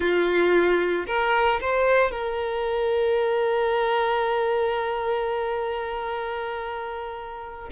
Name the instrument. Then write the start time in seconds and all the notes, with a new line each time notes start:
violin
0.00 F4
1.06 A#4
1.60 C5
2.11 A#4